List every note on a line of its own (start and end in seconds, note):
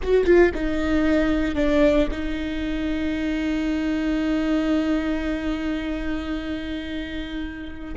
0.02 0.25 F#4
0.25 0.51 F4
0.54 1.55 D#4
1.55 2.08 D4
2.11 7.95 D#4